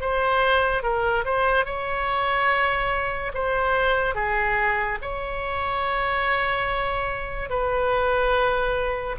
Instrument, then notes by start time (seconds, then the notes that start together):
oboe
0.00 C5
0.82 A#4
1.25 C5
1.65 C#5
3.34 C5
4.14 G#4
5.02 C#5
7.49 B4